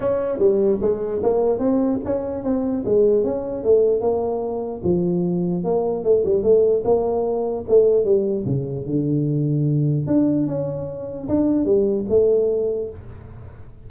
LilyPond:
\new Staff \with { instrumentName = "tuba" } { \time 4/4 \tempo 4 = 149 cis'4 g4 gis4 ais4 | c'4 cis'4 c'4 gis4 | cis'4 a4 ais2 | f2 ais4 a8 g8 |
a4 ais2 a4 | g4 cis4 d2~ | d4 d'4 cis'2 | d'4 g4 a2 | }